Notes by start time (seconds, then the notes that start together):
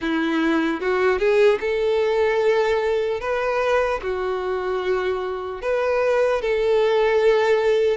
0.01 E4
0.80 F#4
1.19 G#4
1.60 A4
3.20 B4
4.02 F#4
5.61 B4
6.41 A4